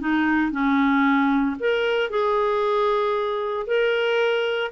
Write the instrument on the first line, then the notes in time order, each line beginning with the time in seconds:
clarinet
0.00 D#4
0.51 C#4
1.59 A#4
2.10 G#4
3.66 A#4